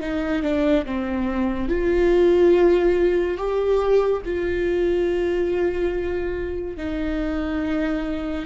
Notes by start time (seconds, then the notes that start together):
0.00 D#4
0.43 D4
0.85 C4
1.69 F4
3.37 G4
4.25 F4
6.77 D#4